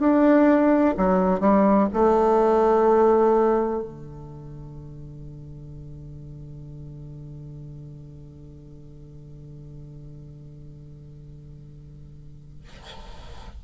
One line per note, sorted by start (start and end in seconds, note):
0.00 0.95 D4
0.97 1.41 F#3
1.41 1.88 G3
1.94 3.83 A3
3.83 12.64 D3